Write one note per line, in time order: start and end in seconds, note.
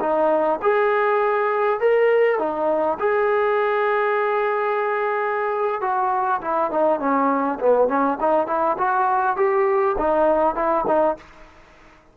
0.00 0.59 D#4
0.62 1.80 G#4
1.80 2.39 A#4
2.39 2.98 D#4
2.99 5.81 G#4
5.81 6.41 F#4
6.41 6.70 E4
6.71 6.99 D#4
6.99 7.59 C#4
7.59 7.88 B3
7.88 8.18 C#4
8.20 8.47 D#4
8.47 8.77 E4
8.78 9.36 F#4
9.36 9.96 G4
9.98 10.55 D#4
10.55 10.85 E4
10.87 11.17 D#4